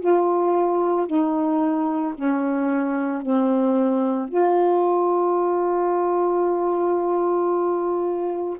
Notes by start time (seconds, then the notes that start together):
0.00 F4
1.07 D#4
2.15 C#4
3.22 C4
4.29 F4